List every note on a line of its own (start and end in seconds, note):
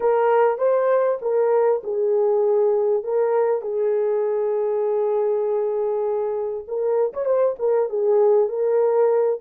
0.00 0.58 A#4
0.58 1.18 C5
1.21 1.82 A#4
1.83 3.03 G#4
3.03 3.61 A#4
3.61 6.64 G#4
6.67 7.12 A#4
7.13 7.25 C#5
7.25 7.55 C5
7.59 7.89 A#4
7.89 8.48 G#4
8.48 9.39 A#4